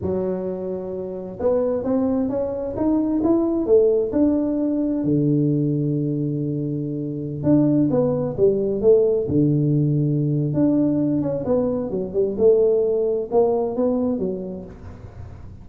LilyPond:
\new Staff \with { instrumentName = "tuba" } { \time 4/4 \tempo 4 = 131 fis2. b4 | c'4 cis'4 dis'4 e'4 | a4 d'2 d4~ | d1~ |
d16 d'4 b4 g4 a8.~ | a16 d2~ d8. d'4~ | d'8 cis'8 b4 fis8 g8 a4~ | a4 ais4 b4 fis4 | }